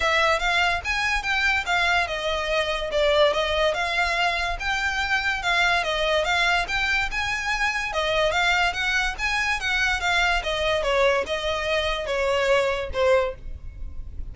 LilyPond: \new Staff \with { instrumentName = "violin" } { \time 4/4 \tempo 4 = 144 e''4 f''4 gis''4 g''4 | f''4 dis''2 d''4 | dis''4 f''2 g''4~ | g''4 f''4 dis''4 f''4 |
g''4 gis''2 dis''4 | f''4 fis''4 gis''4 fis''4 | f''4 dis''4 cis''4 dis''4~ | dis''4 cis''2 c''4 | }